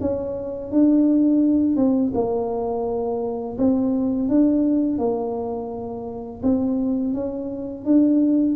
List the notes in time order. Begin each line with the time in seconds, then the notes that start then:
0.00 C#4
0.71 D4
1.76 C4
2.14 A#3
3.57 C4
4.28 D4
4.98 A#3
6.42 C4
7.13 C#4
7.85 D4